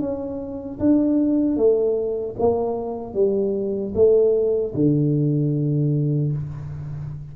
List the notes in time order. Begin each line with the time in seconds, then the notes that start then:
0.00 C#4
0.79 D4
1.56 A3
2.39 A#3
3.14 G3
3.95 A3
4.74 D3